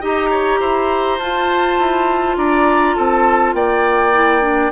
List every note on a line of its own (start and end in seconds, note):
0.00 0.60 D#4
0.00 1.19 G4
0.00 0.29 D#5
0.00 1.19 A#5
0.30 0.59 C#5
0.60 1.19 E4
0.60 2.36 C5
1.19 1.77 F4
1.19 4.13 F4
1.19 2.36 A5
1.79 2.37 E4
2.37 2.96 D4
2.37 2.96 D5
2.37 2.95 A#5
2.95 3.54 C4
2.95 3.55 A4
2.95 3.54 A5
3.54 4.71 A#3
3.54 4.71 D5
3.54 4.71 G5
4.13 4.41 E4
4.41 4.70 D4